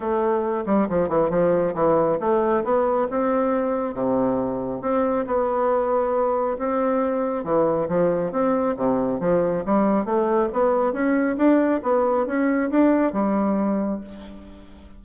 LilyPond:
\new Staff \with { instrumentName = "bassoon" } { \time 4/4 \tempo 4 = 137 a4. g8 f8 e8 f4 | e4 a4 b4 c'4~ | c'4 c2 c'4 | b2. c'4~ |
c'4 e4 f4 c'4 | c4 f4 g4 a4 | b4 cis'4 d'4 b4 | cis'4 d'4 g2 | }